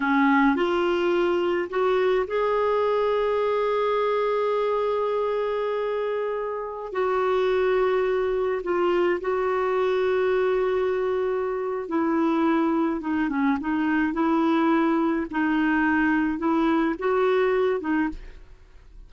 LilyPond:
\new Staff \with { instrumentName = "clarinet" } { \time 4/4 \tempo 4 = 106 cis'4 f'2 fis'4 | gis'1~ | gis'1~ | gis'16 fis'2. f'8.~ |
f'16 fis'2.~ fis'8.~ | fis'4 e'2 dis'8 cis'8 | dis'4 e'2 dis'4~ | dis'4 e'4 fis'4. dis'8 | }